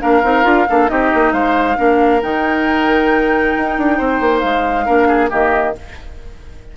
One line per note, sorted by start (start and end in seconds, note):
0.00 0.24 A#3
0.00 0.22 D4
0.00 0.68 A#4
0.00 0.89 F5
0.23 0.45 C4
0.23 0.44 D#4
0.44 0.67 D4
0.44 0.66 F4
0.70 0.91 A#3
0.70 0.87 D4
0.70 0.91 A4
0.87 1.13 C4
0.87 1.76 D#4
0.87 1.33 G4
0.87 1.33 D#5
1.14 1.33 A#3
1.33 1.77 G#3
1.33 1.77 C5
1.33 2.22 F5
1.77 2.23 A#3
1.77 2.21 D4
1.77 3.98 A#4
2.22 3.56 D#3
2.22 4.86 D#4
2.22 4.40 G5
3.57 3.78 D#4
3.78 4.00 D4
3.98 4.20 C4
3.98 4.86 C5
4.20 4.42 A#3
4.40 4.88 G#3
4.40 5.28 F5
4.86 5.32 A#3
4.86 5.29 D4
4.86 5.08 A#4
5.08 5.30 G#4
5.29 5.77 D#3
5.29 5.73 A#3
5.29 5.74 G4
5.29 5.76 D#5